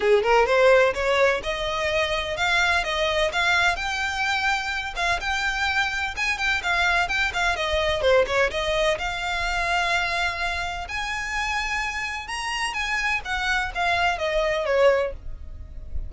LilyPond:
\new Staff \with { instrumentName = "violin" } { \time 4/4 \tempo 4 = 127 gis'8 ais'8 c''4 cis''4 dis''4~ | dis''4 f''4 dis''4 f''4 | g''2~ g''8 f''8 g''4~ | g''4 gis''8 g''8 f''4 g''8 f''8 |
dis''4 c''8 cis''8 dis''4 f''4~ | f''2. gis''4~ | gis''2 ais''4 gis''4 | fis''4 f''4 dis''4 cis''4 | }